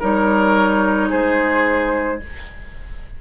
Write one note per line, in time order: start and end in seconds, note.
0.00 1.12 G3
0.00 2.19 D#4
0.00 1.09 A#4
0.00 1.11 C#5
1.10 2.22 G#3
1.10 2.19 G#4
1.10 2.20 C5